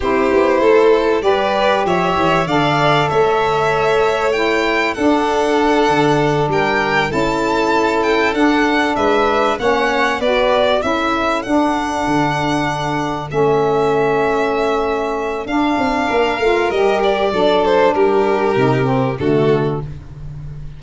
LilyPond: <<
  \new Staff \with { instrumentName = "violin" } { \time 4/4 \tempo 4 = 97 c''2 d''4 e''4 | f''4 e''2 g''4 | fis''2~ fis''8 g''4 a''8~ | a''4 g''8 fis''4 e''4 fis''8~ |
fis''8 d''4 e''4 fis''4.~ | fis''4. e''2~ e''8~ | e''4 f''2 dis''8 d''8~ | d''8 c''8 ais'2 a'4 | }
  \new Staff \with { instrumentName = "violin" } { \time 4/4 g'4 a'4 b'4 cis''4 | d''4 cis''2. | a'2~ a'8 ais'4 a'8~ | a'2~ a'8 b'4 cis''8~ |
cis''8 b'4 a'2~ a'8~ | a'1~ | a'2 ais'2 | a'4 g'2 fis'4 | }
  \new Staff \with { instrumentName = "saxophone" } { \time 4/4 e'2 g'2 | a'2. e'4 | d'2.~ d'8 e'8~ | e'4. d'2 cis'8~ |
cis'8 fis'4 e'4 d'4.~ | d'4. cis'2~ cis'8~ | cis'4 d'4. f'8 g'4 | d'2 dis'8 c'8 a4 | }
  \new Staff \with { instrumentName = "tuba" } { \time 4/4 c'8 b8 a4 g4 f8 e8 | d4 a2. | d'4. d4 g4 cis'8~ | cis'4. d'4 gis4 ais8~ |
ais8 b4 cis'4 d'4 d8~ | d4. a2~ a8~ | a4 d'8 c'8 ais8 a8 g4 | fis4 g4 c4 d4 | }
>>